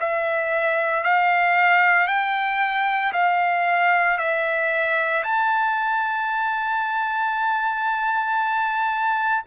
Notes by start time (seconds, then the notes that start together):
0.00 E5
1.04 F5
2.07 G5
3.13 F5
4.18 E5
5.23 A5